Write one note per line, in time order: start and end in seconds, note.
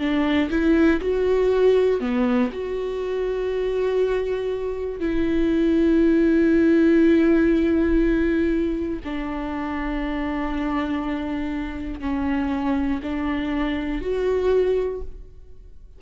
0.00 0.50 D4
0.51 1.01 E4
1.01 2.01 F#4
2.01 2.51 B3
2.52 5.00 F#4
5.00 9.00 E4
9.05 12.01 D4
12.01 13.01 C#4
13.03 14.02 D4
14.02 15.02 F#4